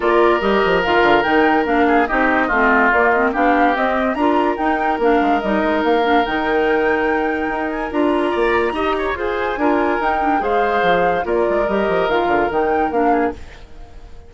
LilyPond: <<
  \new Staff \with { instrumentName = "flute" } { \time 4/4 \tempo 4 = 144 d''4 dis''4 f''4 g''4 | f''4 dis''2 d''8 dis''8 | f''4 dis''4 ais''4 g''4 | f''4 dis''4 f''4 g''4~ |
g''2~ g''8 gis''8 ais''4~ | ais''2 gis''2 | g''4 f''2 d''4 | dis''4 f''4 g''4 f''4 | }
  \new Staff \with { instrumentName = "oboe" } { \time 4/4 ais'1~ | ais'8 gis'8 g'4 f'2 | g'2 ais'2~ | ais'1~ |
ais'1 | d''4 dis''8 cis''8 c''4 ais'4~ | ais'4 c''2 ais'4~ | ais'2.~ ais'8 gis'8 | }
  \new Staff \with { instrumentName = "clarinet" } { \time 4/4 f'4 g'4 f'4 dis'4 | d'4 dis'4 c'4 ais8 c'8 | d'4 c'4 f'4 dis'4 | d'4 dis'4. d'8 dis'4~ |
dis'2. f'4~ | f'4 g'4 gis'4 f'4 | dis'8 d'8 gis'2 f'4 | g'4 f'4 dis'4 d'4 | }
  \new Staff \with { instrumentName = "bassoon" } { \time 4/4 ais4 g8 f8 dis8 d8 dis4 | ais4 c'4 a4 ais4 | b4 c'4 d'4 dis'4 | ais8 gis8 g8 gis8 ais4 dis4~ |
dis2 dis'4 d'4 | ais4 dis'4 f'4 d'4 | dis'4 gis4 f4 ais8 gis8 | g8 f8 dis8 d8 dis4 ais4 | }
>>